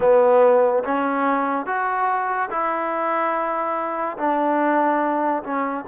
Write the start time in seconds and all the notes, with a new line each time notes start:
0.00 B3
0.84 C#4
1.66 F#4
2.50 E4
4.17 D4
5.43 C#4